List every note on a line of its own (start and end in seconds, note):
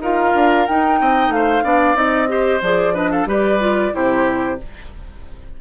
0.00 0.33 D#4
0.00 0.68 F4
0.00 0.99 A#4
0.00 0.66 F5
0.34 0.66 D4
0.66 1.00 D#4
0.66 1.64 D#4
0.66 1.32 G5
1.00 1.28 C4
1.00 1.33 D#5
1.28 1.61 A3
1.28 1.96 F5
1.35 1.64 C5
1.63 1.95 B3
1.63 1.94 D4
1.63 2.29 D5
1.94 2.60 C4
1.94 2.27 D#4
1.94 2.61 D#5
2.27 2.60 G4
2.27 2.94 C5
2.61 3.25 F3
2.61 2.94 G#4
2.61 2.95 D5
2.94 3.26 D4
2.94 3.10 B4
2.94 3.11 D#5
3.11 3.27 A4
3.11 3.27 F5
3.25 3.90 G3
3.25 3.59 G4
3.25 3.93 B4
3.25 3.94 D5
3.59 3.92 F4
3.92 4.60 C3
3.92 4.57 E4
3.92 4.60 G4
3.92 4.59 C5